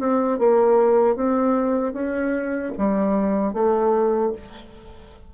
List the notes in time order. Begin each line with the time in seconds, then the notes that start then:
0.00 C4
0.39 A#3
1.16 C4
1.93 C#4
2.78 G3
3.53 A3